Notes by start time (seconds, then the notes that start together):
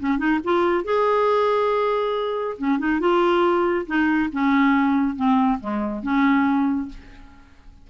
0.00 C#4
0.18 D#4
0.45 F4
0.85 G#4
2.58 C#4
2.79 D#4
3.00 F4
3.87 D#4
4.33 C#4
5.16 C4
5.60 G#3
6.03 C#4